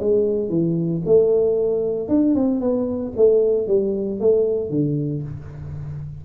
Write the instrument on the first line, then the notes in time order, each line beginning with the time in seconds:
tuba
0.00 G#3
0.50 E3
1.06 A3
2.09 D4
2.35 C4
2.61 B3
3.17 A3
3.68 G3
4.20 A3
4.71 D3